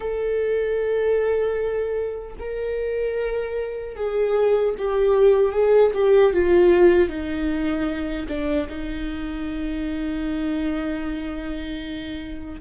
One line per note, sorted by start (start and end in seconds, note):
0.00 2.34 A4
2.39 3.95 A#4
3.95 4.74 G#4
4.78 5.52 G4
5.52 5.91 G#4
5.94 6.33 G4
6.33 7.08 F4
7.08 8.27 D#4
8.28 8.67 D4
8.68 12.60 D#4